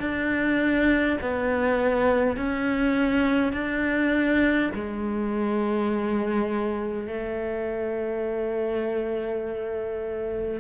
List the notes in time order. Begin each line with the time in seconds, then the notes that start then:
0.00 D4
1.21 B3
2.37 C#4
3.53 D4
4.75 G#3
7.07 A3